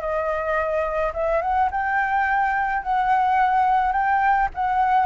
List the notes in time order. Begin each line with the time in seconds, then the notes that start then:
0.00 D#5
1.13 E5
1.41 F#5
1.71 G5
2.83 F#5
3.92 G5
4.54 F#5